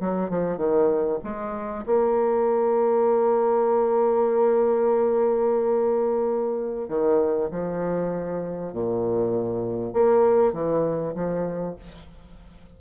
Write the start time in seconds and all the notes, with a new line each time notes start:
0.00 F#3
0.29 F3
0.57 D#3
1.24 G#3
1.86 A#3
6.88 D#3
7.51 F3
8.73 A#2
9.93 A#3
10.53 E3
11.15 F3